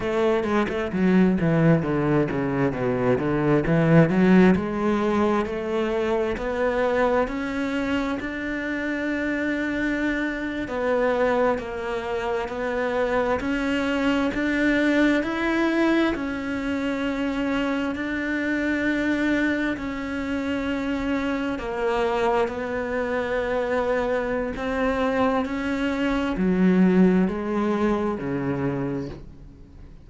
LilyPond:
\new Staff \with { instrumentName = "cello" } { \time 4/4 \tempo 4 = 66 a8 gis16 a16 fis8 e8 d8 cis8 b,8 d8 | e8 fis8 gis4 a4 b4 | cis'4 d'2~ d'8. b16~ | b8. ais4 b4 cis'4 d'16~ |
d'8. e'4 cis'2 d'16~ | d'4.~ d'16 cis'2 ais16~ | ais8. b2~ b16 c'4 | cis'4 fis4 gis4 cis4 | }